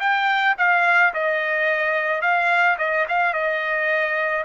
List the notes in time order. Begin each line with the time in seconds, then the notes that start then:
0.00 G5
0.58 F5
1.14 D#5
2.22 F5
2.78 D#5
3.09 F5
3.34 D#5